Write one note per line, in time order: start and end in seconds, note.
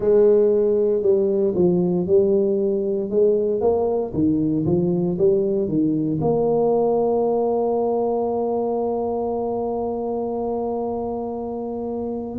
0.00 1.02 G#3
1.02 1.54 G3
1.55 2.06 F3
2.06 3.10 G3
3.10 3.61 G#3
3.61 4.12 A#3
4.13 4.65 D#3
4.66 5.17 F3
5.18 5.68 G3
5.68 6.19 D#3
6.21 12.39 A#3